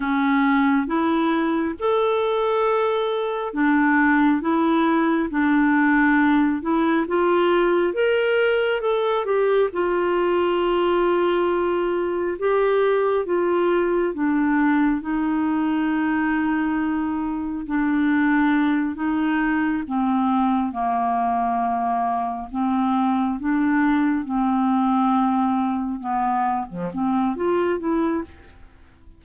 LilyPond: \new Staff \with { instrumentName = "clarinet" } { \time 4/4 \tempo 4 = 68 cis'4 e'4 a'2 | d'4 e'4 d'4. e'8 | f'4 ais'4 a'8 g'8 f'4~ | f'2 g'4 f'4 |
d'4 dis'2. | d'4. dis'4 c'4 ais8~ | ais4. c'4 d'4 c'8~ | c'4. b8. f16 c'8 f'8 e'8 | }